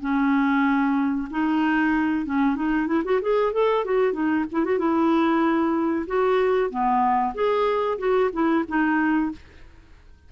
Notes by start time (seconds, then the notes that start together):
0.00 C#4
1.30 D#4
2.25 C#4
2.55 D#4
2.87 E4
3.04 F#4
3.21 G#4
3.53 A4
3.84 F#4
4.13 D#4
4.51 E4
4.65 F#4
4.78 E4
6.06 F#4
6.70 B3
7.34 G#4
7.98 F#4
8.32 E4
8.68 D#4